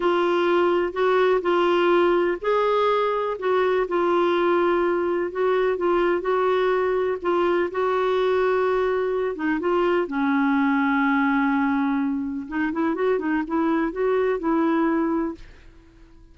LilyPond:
\new Staff \with { instrumentName = "clarinet" } { \time 4/4 \tempo 4 = 125 f'2 fis'4 f'4~ | f'4 gis'2 fis'4 | f'2. fis'4 | f'4 fis'2 f'4 |
fis'2.~ fis'8 dis'8 | f'4 cis'2.~ | cis'2 dis'8 e'8 fis'8 dis'8 | e'4 fis'4 e'2 | }